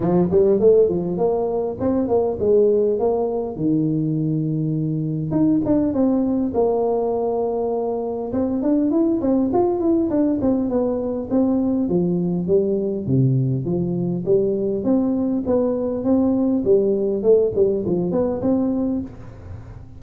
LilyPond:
\new Staff \with { instrumentName = "tuba" } { \time 4/4 \tempo 4 = 101 f8 g8 a8 f8 ais4 c'8 ais8 | gis4 ais4 dis2~ | dis4 dis'8 d'8 c'4 ais4~ | ais2 c'8 d'8 e'8 c'8 |
f'8 e'8 d'8 c'8 b4 c'4 | f4 g4 c4 f4 | g4 c'4 b4 c'4 | g4 a8 g8 f8 b8 c'4 | }